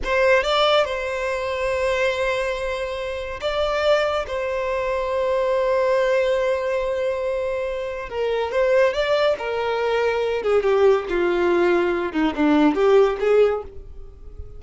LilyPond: \new Staff \with { instrumentName = "violin" } { \time 4/4 \tempo 4 = 141 c''4 d''4 c''2~ | c''1 | d''2 c''2~ | c''1~ |
c''2. ais'4 | c''4 d''4 ais'2~ | ais'8 gis'8 g'4 f'2~ | f'8 dis'8 d'4 g'4 gis'4 | }